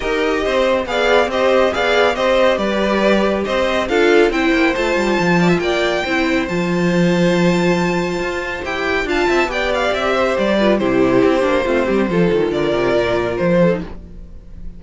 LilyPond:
<<
  \new Staff \with { instrumentName = "violin" } { \time 4/4 \tempo 4 = 139 dis''2 f''4 dis''4 | f''4 dis''4 d''2 | dis''4 f''4 g''4 a''4~ | a''4 g''2 a''4~ |
a''1 | g''4 a''4 g''8 f''8 e''4 | d''4 c''2.~ | c''4 d''2 c''4 | }
  \new Staff \with { instrumentName = "violin" } { \time 4/4 ais'4 c''4 d''4 c''4 | d''4 c''4 b'2 | c''4 a'4 c''2~ | c''8 d''16 e''16 d''4 c''2~ |
c''1~ | c''4 f''8 e''8 d''4. c''8~ | c''8 b'8 g'2 f'8 g'8 | a'4 ais'2~ ais'8 a'8 | }
  \new Staff \with { instrumentName = "viola" } { \time 4/4 g'2 gis'4 g'4 | gis'4 g'2.~ | g'4 f'4 e'4 f'4~ | f'2 e'4 f'4~ |
f'1 | g'4 f'4 g'2~ | g'8 f'8 e'4. d'8 c'4 | f'2.~ f'8. dis'16 | }
  \new Staff \with { instrumentName = "cello" } { \time 4/4 dis'4 c'4 b4 c'4 | b4 c'4 g2 | c'4 d'4 c'8 ais8 a8 g8 | f4 ais4 c'4 f4~ |
f2. f'4 | e'4 d'8 c'8 b4 c'4 | g4 c4 c'8 ais8 a8 g8 | f8 dis8 d8 c8 ais,4 f4 | }
>>